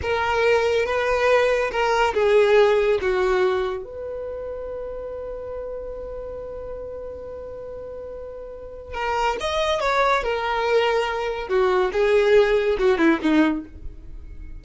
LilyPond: \new Staff \with { instrumentName = "violin" } { \time 4/4 \tempo 4 = 141 ais'2 b'2 | ais'4 gis'2 fis'4~ | fis'4 b'2.~ | b'1~ |
b'1~ | b'4 ais'4 dis''4 cis''4 | ais'2. fis'4 | gis'2 fis'8 e'8 dis'4 | }